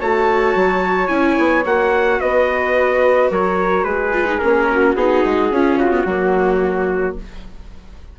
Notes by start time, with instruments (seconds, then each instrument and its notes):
0.00 bassoon A3, viola F#4, flute C#5, trumpet A5
0.56 bassoon F#3
1.08 bassoon C#4, viola E4, trumpet G#5
1.39 bassoon B3
1.65 bassoon A#3, viola F#4, trumpet F#5
2.20 bassoon B3, flute B4, trumpet D#5
3.31 bassoon F#3, flute A#4, trumpet C#5
3.84 bassoon G#3, flute G#4, trumpet B4
4.13 viola F4
4.25 viola D#4
4.39 bassoon A#3, viola C#4, trumpet A#4
4.71 flute F#4
4.95 bassoon B3, viola D#4, trumpet G#4
5.25 bassoon G#3
5.51 bassoon C#4, viola C#4, flute F4
5.76 bassoon C#3, trumpet F#4
5.91 viola B3
6.05 bassoon F#3, viola A#3, flute F#4